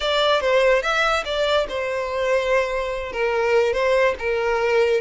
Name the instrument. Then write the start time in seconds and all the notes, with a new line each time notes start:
violin
0.00 D5
0.41 C5
0.82 E5
1.25 D5
1.69 C5
3.12 A#4
3.73 C5
4.18 A#4